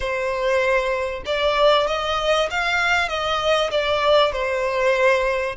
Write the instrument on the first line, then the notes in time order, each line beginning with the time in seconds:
violin
0.00 C5
1.25 D5
1.87 D#5
2.50 F5
3.08 D#5
3.70 D5
4.32 C5